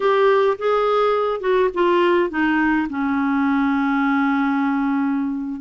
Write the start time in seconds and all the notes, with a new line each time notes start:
0.00 G4
0.58 G#4
1.40 F#4
1.74 F4
2.29 D#4
2.89 C#4